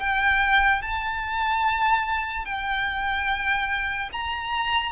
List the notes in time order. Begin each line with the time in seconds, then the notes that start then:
0.00 G5
0.83 A5
2.46 G5
4.13 A#5